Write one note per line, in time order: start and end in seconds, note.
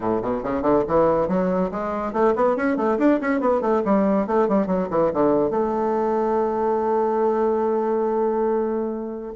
0.00 0.21 A2
0.22 0.43 B2
0.43 0.62 C#3
0.62 0.83 D3
0.87 1.28 E3
1.28 1.70 F#3
1.71 2.12 G#3
2.12 2.34 A3
2.35 2.56 B3
2.56 2.76 C#4
2.76 2.98 A3
2.98 3.19 D4
3.21 3.40 C#4
3.40 3.61 B3
3.61 3.82 A3
3.84 4.27 G3
4.27 4.48 A3
4.48 4.66 G3
4.66 4.88 F#3
4.90 5.11 E3
5.13 5.50 D3
5.50 9.33 A3